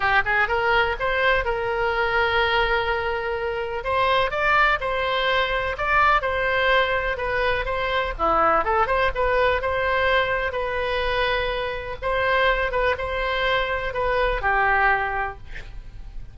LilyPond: \new Staff \with { instrumentName = "oboe" } { \time 4/4 \tempo 4 = 125 g'8 gis'8 ais'4 c''4 ais'4~ | ais'1 | c''4 d''4 c''2 | d''4 c''2 b'4 |
c''4 e'4 a'8 c''8 b'4 | c''2 b'2~ | b'4 c''4. b'8 c''4~ | c''4 b'4 g'2 | }